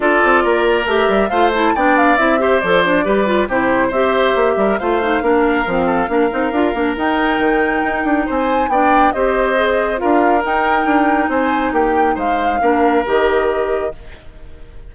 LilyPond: <<
  \new Staff \with { instrumentName = "flute" } { \time 4/4 \tempo 4 = 138 d''2 e''4 f''8 a''8 | g''8 f''8 e''4 d''2 | c''4 e''2 f''4~ | f''1 |
g''2. gis''4 | g''4 dis''2 f''4 | g''2 gis''4 g''4 | f''2 dis''2 | }
  \new Staff \with { instrumentName = "oboe" } { \time 4/4 a'4 ais'2 c''4 | d''4. c''4. b'4 | g'4 c''4. ais'8 c''4 | ais'4. a'8 ais'2~ |
ais'2. c''4 | d''4 c''2 ais'4~ | ais'2 c''4 g'4 | c''4 ais'2. | }
  \new Staff \with { instrumentName = "clarinet" } { \time 4/4 f'2 g'4 f'8 e'8 | d'4 e'8 g'8 a'8 d'8 g'8 f'8 | e'4 g'2 f'8 dis'8 | d'4 c'4 d'8 dis'8 f'8 d'8 |
dis'1 | d'4 g'4 gis'4 f'4 | dis'1~ | dis'4 d'4 g'2 | }
  \new Staff \with { instrumentName = "bassoon" } { \time 4/4 d'8 c'8 ais4 a8 g8 a4 | b4 c'4 f4 g4 | c4 c'4 ais8 g8 a4 | ais4 f4 ais8 c'8 d'8 ais8 |
dis'4 dis4 dis'8 d'8 c'4 | b4 c'2 d'4 | dis'4 d'4 c'4 ais4 | gis4 ais4 dis2 | }
>>